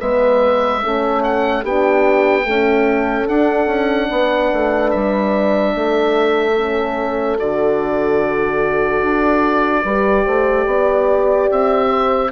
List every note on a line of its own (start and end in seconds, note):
0.00 0.84 G#3
0.00 0.82 B3
0.00 0.82 B4
0.00 1.23 E5
0.82 1.64 A3
0.82 1.64 C#4
0.82 1.62 A4
1.23 1.64 F#5
1.62 2.46 B3
1.62 2.43 D4
1.62 2.45 G4
1.62 3.28 G5
2.43 3.25 A3
2.43 3.29 C#4
2.43 4.10 A4
3.27 6.55 D4
3.27 3.66 D4
3.27 4.91 F#5
3.66 4.08 C#4
4.10 4.52 B3
4.10 5.75 B4
4.53 4.94 A3
4.91 5.74 G3
4.91 7.37 E5
5.74 7.39 A3
5.74 9.84 A4
6.57 7.39 C#4
7.39 9.02 D3
7.39 9.85 F#4
7.39 11.50 D5
9.02 9.84 D4
9.84 10.25 G3
9.84 12.32 G4
9.84 10.25 B4
10.25 10.66 A3
10.25 10.66 C5
10.66 11.48 B3
10.66 11.89 D5
11.51 12.32 C4
11.51 12.32 E5
11.89 12.30 C5